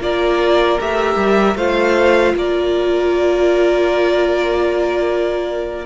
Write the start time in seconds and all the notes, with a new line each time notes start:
0.00 A#3 F4 A#4 D5
0.80 A3 G4 E5
1.16 G3
1.55 A3 F4 C5 F5
2.35 A#3 A#4 D5